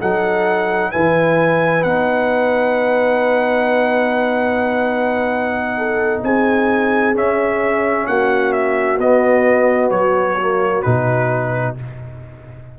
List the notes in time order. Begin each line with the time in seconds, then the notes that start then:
0.00 F#3 D#4 A4 F#5
0.92 E3 E4 B4 G#5
1.83 B3 D#4 F#5
5.78 A4
6.23 C4 G#4 G#5
7.15 C#4 E5
8.07 A#3 F#4 F#5
8.52 E5
8.99 B3 D#5
9.91 F#3 C#5
10.41 A#3
10.83 B2 D#4 B4